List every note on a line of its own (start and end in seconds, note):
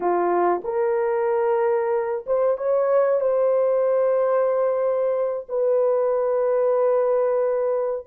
0.00 0.61 F4
0.63 2.25 A#4
2.26 2.57 C5
2.57 3.20 C#5
3.20 5.46 C5
5.48 8.06 B4